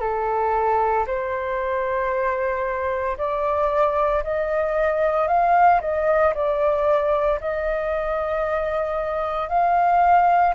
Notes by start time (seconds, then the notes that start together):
0.00 A4
1.07 C5
3.18 D5
4.23 D#5
5.28 F5
5.81 D#5
6.34 D5
7.41 D#5
9.49 F5